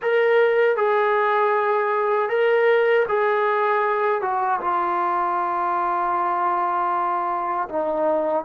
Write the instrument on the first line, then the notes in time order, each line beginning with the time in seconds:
trombone
0.02 A#4
0.76 G#4
2.29 A#4
3.08 G#4
4.21 F#4
4.60 F4
7.69 D#4